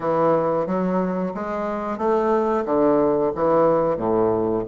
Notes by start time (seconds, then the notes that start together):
0.00 E3
0.66 F#3
1.34 G#3
1.98 A3
2.65 D3
3.35 E3
3.97 A2